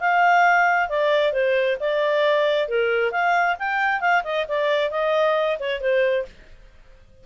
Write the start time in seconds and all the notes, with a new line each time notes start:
0.00 F5
0.89 D5
1.32 C5
1.79 D5
2.68 A#4
3.11 F5
3.59 G5
4.00 F5
4.23 D#5
4.48 D5
4.90 D#5
5.59 C#5
5.80 C5